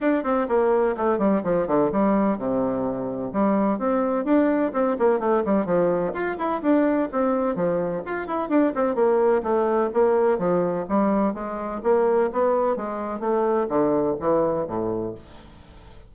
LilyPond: \new Staff \with { instrumentName = "bassoon" } { \time 4/4 \tempo 4 = 127 d'8 c'8 ais4 a8 g8 f8 d8 | g4 c2 g4 | c'4 d'4 c'8 ais8 a8 g8 | f4 f'8 e'8 d'4 c'4 |
f4 f'8 e'8 d'8 c'8 ais4 | a4 ais4 f4 g4 | gis4 ais4 b4 gis4 | a4 d4 e4 a,4 | }